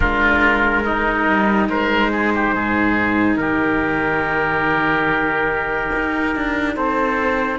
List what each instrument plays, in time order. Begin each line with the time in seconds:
0.00 cello G#3 D4, oboe F4, trumpet A#4
0.83 oboe D#4, cello D#4
1.27 cello G3
1.69 cello G#3, oboe A#4, trumpet C5
2.11 oboe G#4
2.34 oboe G4
2.54 cello G#2, oboe G#4
3.36 cello D#3, oboe G4, trumpet A#4
5.95 cello D#4
6.35 cello D4
6.76 cello C4, oboe A4, trumpet C5